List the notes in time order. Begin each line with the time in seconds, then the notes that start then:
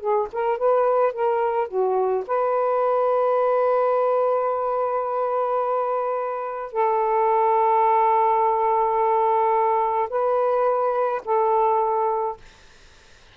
0.00 G#4
0.32 A#4
0.58 B4
1.13 A#4
1.68 F#4
2.27 B4
6.72 A4
10.10 B4
11.25 A4